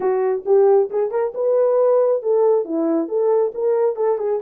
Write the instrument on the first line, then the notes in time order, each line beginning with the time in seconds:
horn
0.00 F#4
0.45 G4
0.90 G#4
1.10 A#4
1.34 B4
2.22 A4
2.64 E4
3.08 A4
3.54 A#4
3.96 A4
4.18 G#4